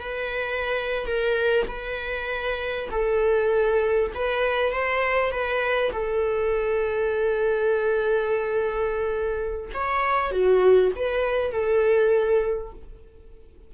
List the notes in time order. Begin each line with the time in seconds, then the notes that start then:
0.00 B4
1.06 A#4
1.67 B4
2.91 A4
4.14 B4
4.72 C5
5.31 B4
5.92 A4
9.74 C#5
10.31 F#4
10.96 B4
11.52 A4